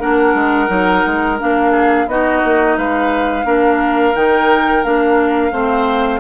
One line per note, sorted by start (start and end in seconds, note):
0.00 0.34 A#3
0.00 0.68 D4
0.00 1.71 A#4
0.00 1.38 F#5
0.34 0.69 G#3
0.68 1.04 F#3
0.68 1.37 D#4
1.06 1.40 G#3
1.39 2.07 A#3
1.39 2.08 D4
1.39 2.09 F5
1.71 2.05 G#4
2.07 2.41 B3
2.07 3.45 D#4
2.07 2.78 F#4
2.07 2.78 D#5
2.44 2.77 A#3
2.77 3.44 G#3
2.77 3.46 B4
2.77 4.15 F5
3.44 4.13 A#3
3.44 4.14 D4
3.44 5.52 A#4
4.15 4.84 D#3
4.15 4.84 D#4
4.15 4.83 G5
4.83 5.52 A#3
4.83 5.52 D4
4.83 6.20 F5
5.52 6.20 A3
5.52 6.20 C4
5.52 6.20 C5